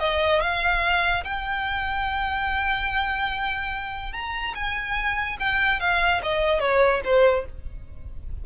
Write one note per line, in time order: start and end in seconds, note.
0.00 0.41 D#5
0.41 1.24 F5
1.24 4.13 G5
4.13 4.54 A#5
4.55 5.38 G#5
5.40 5.80 G5
5.80 6.22 F5
6.23 6.60 D#5
6.60 7.01 C#5
7.05 7.46 C5